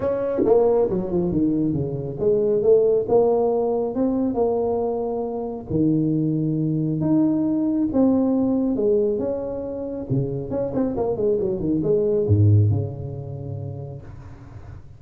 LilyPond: \new Staff \with { instrumentName = "tuba" } { \time 4/4 \tempo 4 = 137 cis'4 ais4 fis8 f8 dis4 | cis4 gis4 a4 ais4~ | ais4 c'4 ais2~ | ais4 dis2. |
dis'2 c'2 | gis4 cis'2 cis4 | cis'8 c'8 ais8 gis8 fis8 dis8 gis4 | gis,4 cis2. | }